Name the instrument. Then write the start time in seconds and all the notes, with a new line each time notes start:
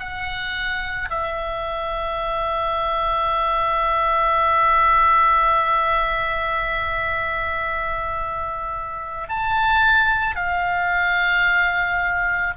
oboe
0.00 F#5
1.10 E5
9.29 A5
10.36 F5